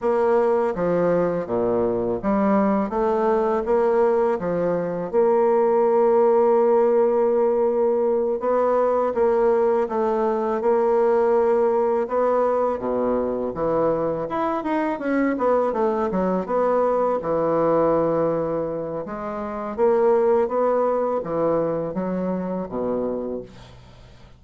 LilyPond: \new Staff \with { instrumentName = "bassoon" } { \time 4/4 \tempo 4 = 82 ais4 f4 ais,4 g4 | a4 ais4 f4 ais4~ | ais2.~ ais8 b8~ | b8 ais4 a4 ais4.~ |
ais8 b4 b,4 e4 e'8 | dis'8 cis'8 b8 a8 fis8 b4 e8~ | e2 gis4 ais4 | b4 e4 fis4 b,4 | }